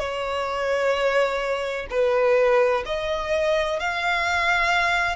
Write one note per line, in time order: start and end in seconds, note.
0.00 1.87 C#5
1.90 2.84 B4
2.86 3.80 D#5
3.80 5.16 F5